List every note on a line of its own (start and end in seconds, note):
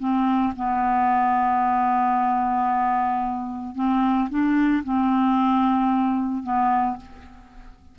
0.00 0.54 C4
0.56 3.76 B3
3.76 4.29 C4
4.30 4.84 D4
4.85 6.44 C4
6.44 6.97 B3